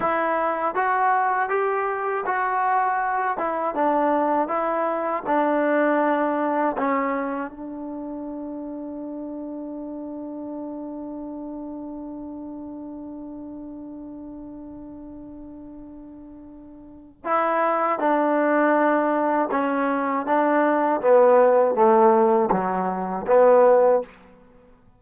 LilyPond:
\new Staff \with { instrumentName = "trombone" } { \time 4/4 \tempo 4 = 80 e'4 fis'4 g'4 fis'4~ | fis'8 e'8 d'4 e'4 d'4~ | d'4 cis'4 d'2~ | d'1~ |
d'1~ | d'2. e'4 | d'2 cis'4 d'4 | b4 a4 fis4 b4 | }